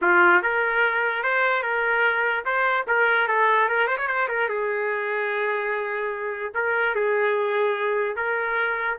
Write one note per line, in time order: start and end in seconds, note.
0.01 0.42 F4
0.42 1.23 A#4
1.23 1.62 C5
1.62 2.44 A#4
2.45 2.86 C5
2.87 3.28 A#4
3.28 3.68 A4
3.68 3.87 A#4
3.87 3.97 C5
3.97 4.07 C#5
4.07 4.28 C5
4.28 4.48 A#4
4.48 6.52 G#4
6.54 6.95 A#4
6.95 8.16 G#4
8.16 8.97 A#4